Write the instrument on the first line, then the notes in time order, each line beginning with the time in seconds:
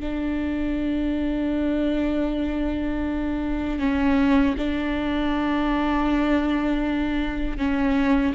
viola
0.00 D4
3.79 C#4
4.58 D4
7.57 C#4